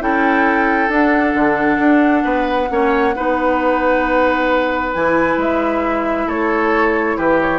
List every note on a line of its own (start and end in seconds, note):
0.00 0.89 C#4
0.00 0.90 E4
0.00 2.24 A4
0.00 0.92 G5
0.89 1.34 D4
0.89 2.69 D4
0.89 4.94 F#5
1.35 1.79 D3
1.79 2.24 D4
2.24 2.69 B3
2.24 2.69 B4
2.69 3.16 A#3
2.69 3.14 C#4
2.69 3.16 C#5
3.16 4.95 B3
3.16 4.95 D#4
3.16 6.28 B4
4.94 5.38 E3
4.94 7.59 E4
4.94 5.39 G#5
5.38 6.27 G#3
5.38 6.30 E5
6.28 7.18 A3
6.28 7.17 A4
6.28 7.18 C#5
7.18 7.59 E3
7.18 7.59 G4
7.18 7.40 B4
7.41 7.59 C#5